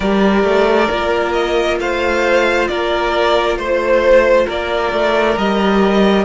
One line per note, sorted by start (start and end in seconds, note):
0.00 0.43 G3
0.00 0.89 G4
0.00 1.78 A#4
0.00 1.32 D5
0.43 0.88 A3
0.90 1.79 A#3
0.90 5.37 F4
1.32 1.77 D#5
1.79 2.68 A3
1.79 2.70 C5
1.79 2.67 F5
2.67 3.56 A#3
2.67 3.58 A#4
2.67 3.57 D5
3.56 4.46 A3
3.56 4.47 C5
3.56 4.46 C5
4.46 4.92 A#3
4.46 6.25 A#4
4.46 5.37 D5
4.92 5.36 A3
5.37 6.25 G3
5.37 6.25 G4
5.37 6.25 D#5